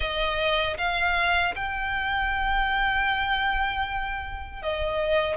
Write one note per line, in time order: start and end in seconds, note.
0.00 0.77 D#5
0.77 1.54 F5
1.55 4.62 G5
4.62 5.36 D#5